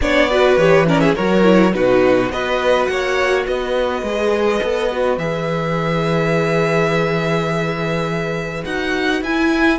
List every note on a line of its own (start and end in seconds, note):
0.00 0.57 B3
0.00 0.30 D4
0.00 0.29 C#5
0.00 0.57 D5
0.29 0.58 F#4
0.29 0.86 B4
0.57 1.15 E3
0.57 0.86 G4
0.57 0.86 C#5
0.86 1.15 C#4
0.86 1.01 A#4
0.86 1.00 D5
1.00 1.15 G#4
1.00 1.14 E5
1.15 1.74 F#3
1.15 1.43 F#4
1.15 1.73 A#4
1.15 1.73 C#5
1.43 1.72 E4
1.72 2.29 B2
1.72 2.30 D#4
1.72 2.32 F#4
1.72 2.31 B4
2.29 2.87 B3
2.29 4.05 F#4
2.29 2.91 B4
2.29 2.85 D#5
2.85 3.46 A#3
2.85 3.46 C#5
2.85 3.43 F#5
3.46 4.02 B3
3.46 9.78 B4
3.46 5.18 D#5
4.02 4.60 G#3
4.02 4.62 G#4
4.62 5.17 B3
4.62 4.91 A4
4.91 5.19 F#4
5.17 8.63 E3
5.17 8.64 G#4
5.17 8.64 E5
8.64 9.22 D#4
8.64 9.22 F#4
8.64 9.22 F#5
9.22 9.78 E4
9.22 9.78 G#5